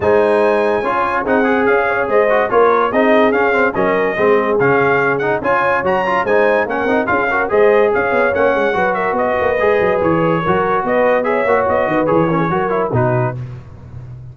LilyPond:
<<
  \new Staff \with { instrumentName = "trumpet" } { \time 4/4 \tempo 4 = 144 gis''2. fis''4 | f''4 dis''4 cis''4 dis''4 | f''4 dis''2 f''4~ | f''8 fis''8 gis''4 ais''4 gis''4 |
fis''4 f''4 dis''4 f''4 | fis''4. e''8 dis''2 | cis''2 dis''4 e''4 | dis''4 cis''2 b'4 | }
  \new Staff \with { instrumentName = "horn" } { \time 4/4 c''2 cis''4 gis'4~ | gis'8 cis''8 c''4 ais'4 gis'4~ | gis'4 ais'4 gis'2~ | gis'4 cis''2 c''4 |
ais'4 gis'8 ais'8 c''4 cis''4~ | cis''4 b'8 ais'8 b'2~ | b'4 ais'4 b'4 cis''4~ | cis''8 b'4 ais'16 gis'16 ais'4 fis'4 | }
  \new Staff \with { instrumentName = "trombone" } { \time 4/4 dis'2 f'4 dis'8 gis'8~ | gis'4. fis'8 f'4 dis'4 | cis'8 c'8 cis'4 c'4 cis'4~ | cis'8 dis'8 f'4 fis'8 f'8 dis'4 |
cis'8 dis'8 f'8 fis'8 gis'2 | cis'4 fis'2 gis'4~ | gis'4 fis'2 gis'8 fis'8~ | fis'4 gis'8 cis'8 fis'8 e'8 dis'4 | }
  \new Staff \with { instrumentName = "tuba" } { \time 4/4 gis2 cis'4 c'4 | cis'4 gis4 ais4 c'4 | cis'4 fis4 gis4 cis4~ | cis4 cis'4 fis4 gis4 |
ais8 c'8 cis'4 gis4 cis'8 b8 | ais8 gis8 fis4 b8 ais8 gis8 fis8 | e4 fis4 b4. ais8 | b8 dis8 e4 fis4 b,4 | }
>>